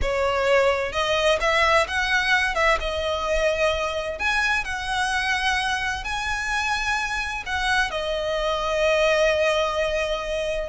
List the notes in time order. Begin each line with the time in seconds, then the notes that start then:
0.01 C#5
0.92 D#5
1.40 E5
1.87 F#5
2.54 E5
2.80 D#5
4.19 G#5
4.64 F#5
6.04 G#5
7.46 F#5
7.90 D#5